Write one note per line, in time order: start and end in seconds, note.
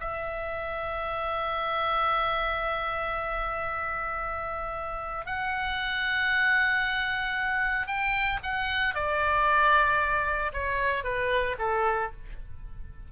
0.00 5.26 E5
5.26 7.87 F#5
7.87 8.39 G5
8.43 8.94 F#5
8.94 10.52 D5
10.53 11.04 C#5
11.04 11.56 B4
11.59 12.11 A4